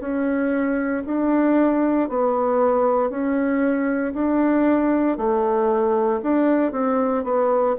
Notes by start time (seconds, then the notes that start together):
0.00 C#4
1.06 D4
2.09 B3
3.10 C#4
4.14 D4
5.17 A3
6.22 D4
6.72 C4
7.24 B3